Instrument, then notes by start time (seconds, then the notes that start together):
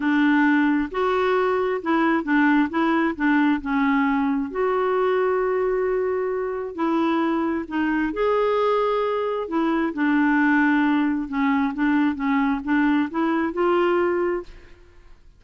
clarinet
0.00 D4
0.91 F#4
1.81 E4
2.23 D4
2.69 E4
3.15 D4
3.61 C#4
4.51 F#4
6.75 E4
7.68 D#4
8.13 G#4
9.48 E4
9.93 D4
11.28 C#4
11.74 D4
12.15 C#4
12.64 D4
13.10 E4
13.53 F4